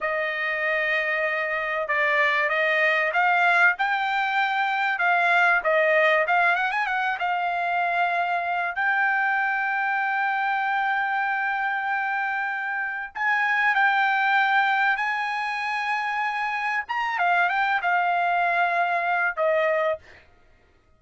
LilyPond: \new Staff \with { instrumentName = "trumpet" } { \time 4/4 \tempo 4 = 96 dis''2. d''4 | dis''4 f''4 g''2 | f''4 dis''4 f''8 fis''16 gis''16 fis''8 f''8~ | f''2 g''2~ |
g''1~ | g''4 gis''4 g''2 | gis''2. ais''8 f''8 | g''8 f''2~ f''8 dis''4 | }